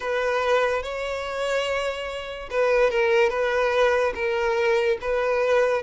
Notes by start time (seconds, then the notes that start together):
0.00 B4
0.82 C#5
2.50 B4
2.90 A#4
3.29 B4
4.14 A#4
5.01 B4